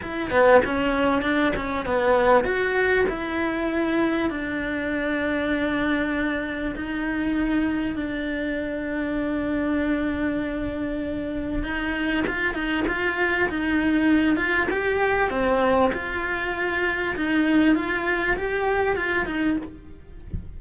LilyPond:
\new Staff \with { instrumentName = "cello" } { \time 4/4 \tempo 4 = 98 e'8 b8 cis'4 d'8 cis'8 b4 | fis'4 e'2 d'4~ | d'2. dis'4~ | dis'4 d'2.~ |
d'2. dis'4 | f'8 dis'8 f'4 dis'4. f'8 | g'4 c'4 f'2 | dis'4 f'4 g'4 f'8 dis'8 | }